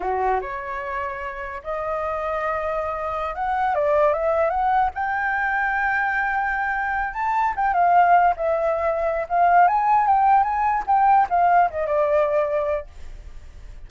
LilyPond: \new Staff \with { instrumentName = "flute" } { \time 4/4 \tempo 4 = 149 fis'4 cis''2. | dis''1~ | dis''16 fis''4 d''4 e''4 fis''8.~ | fis''16 g''2.~ g''8.~ |
g''4.~ g''16 a''4 g''8 f''8.~ | f''8. e''2~ e''16 f''4 | gis''4 g''4 gis''4 g''4 | f''4 dis''8 d''2~ d''8 | }